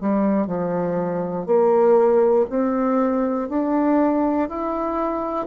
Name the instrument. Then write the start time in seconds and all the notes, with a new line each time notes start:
bassoon
0.00 G3
0.47 F3
1.45 A#3
2.49 C4
3.48 D4
4.48 E4